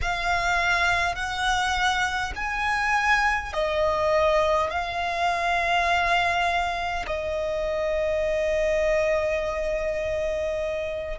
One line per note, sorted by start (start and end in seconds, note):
0.01 1.15 F5
1.15 2.32 F#5
2.35 3.53 G#5
3.53 4.70 D#5
4.70 7.05 F5
7.06 11.18 D#5